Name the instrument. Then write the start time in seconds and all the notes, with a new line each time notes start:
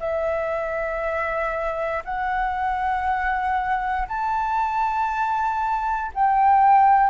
flute
0.00 E5
2.05 F#5
4.08 A5
6.14 G5